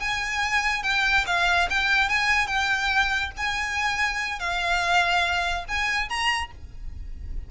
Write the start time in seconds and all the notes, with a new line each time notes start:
0.00 G#5
0.83 G5
1.27 F5
1.70 G5
2.09 G#5
2.47 G5
3.37 G#5
4.40 F5
5.69 G#5
6.10 A#5